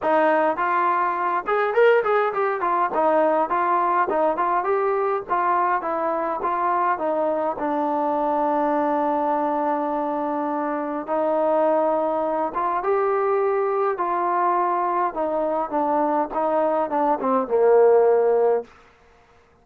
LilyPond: \new Staff \with { instrumentName = "trombone" } { \time 4/4 \tempo 4 = 103 dis'4 f'4. gis'8 ais'8 gis'8 | g'8 f'8 dis'4 f'4 dis'8 f'8 | g'4 f'4 e'4 f'4 | dis'4 d'2.~ |
d'2. dis'4~ | dis'4. f'8 g'2 | f'2 dis'4 d'4 | dis'4 d'8 c'8 ais2 | }